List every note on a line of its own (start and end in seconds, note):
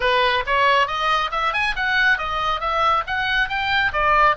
0.00 0.43 B4
0.46 0.87 C#5
0.87 1.30 D#5
1.31 1.53 E5
1.53 1.75 G#5
1.76 2.18 F#5
2.18 2.60 D#5
2.60 3.03 E5
3.06 3.48 F#5
3.48 3.92 G5
3.92 4.36 D5